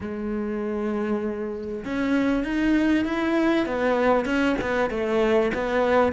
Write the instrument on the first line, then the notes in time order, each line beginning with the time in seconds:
cello
0.00 G#3
1.85 C#4
2.44 D#4
3.04 E4
3.65 B3
4.25 C#4
4.61 B3
4.90 A3
5.54 B3